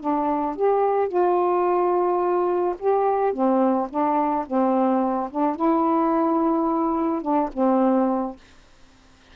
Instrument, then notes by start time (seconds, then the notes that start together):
saxophone
0.00 D4
0.56 G4
1.08 F4
2.79 G4
3.33 C4
3.90 D4
4.46 C4
5.30 D4
5.56 E4
7.22 D4
7.53 C4